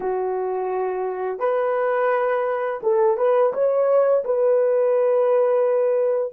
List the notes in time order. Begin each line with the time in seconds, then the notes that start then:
0.00 F#4
1.39 B4
2.82 A4
3.17 B4
3.53 C#5
4.24 B4